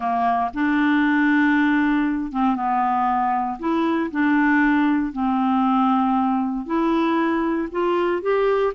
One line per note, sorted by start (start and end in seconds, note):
0.00 0.50 A#3
0.54 2.31 D4
2.31 2.55 C4
2.55 3.58 B3
3.59 4.10 E4
4.11 5.12 D4
5.12 6.65 C4
6.65 7.68 E4
7.71 8.22 F4
8.22 8.73 G4